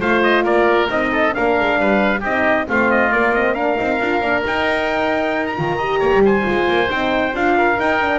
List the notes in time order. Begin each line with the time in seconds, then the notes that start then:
0.00 A3 F4 C5 F5
0.23 D#5
0.44 A#3 A#4 D5
0.89 C4 D#4 D#5
1.12 A4
1.31 D4 A#4 F5
1.39 A#3
1.60 G#3
1.79 G3 B4
2.20 C4 D#4 G4 D#5
2.66 A3 C4 F4 F5
2.91 D#5
3.12 A#3 D5
3.34 C4 D#5
3.54 D4 A#4 F5
3.76 C4 D#4
4.00 D4 F4
4.21 A#3 D4
4.45 D#4 G5
5.46 A#5
5.57 D#3 F4
5.77 G4 D#5
5.99 A#3 C#5
6.14 G3
6.25 C5 G#5
6.42 G#3 F4
6.68 A#3
6.89 C4 D#4 G5
7.34 D4 F4 F5
7.57 A#4
7.76 D#4 G5
8.02 D4